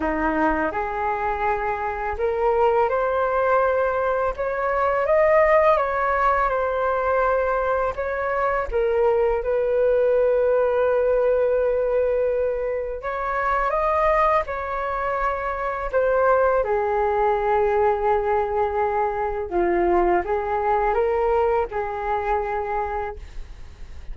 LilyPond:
\new Staff \with { instrumentName = "flute" } { \time 4/4 \tempo 4 = 83 dis'4 gis'2 ais'4 | c''2 cis''4 dis''4 | cis''4 c''2 cis''4 | ais'4 b'2.~ |
b'2 cis''4 dis''4 | cis''2 c''4 gis'4~ | gis'2. f'4 | gis'4 ais'4 gis'2 | }